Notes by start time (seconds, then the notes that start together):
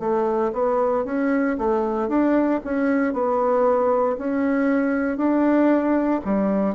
0.00 A3
0.54 B3
1.05 C#4
1.58 A3
2.09 D4
2.65 C#4
3.14 B3
4.18 C#4
5.17 D4
6.25 G3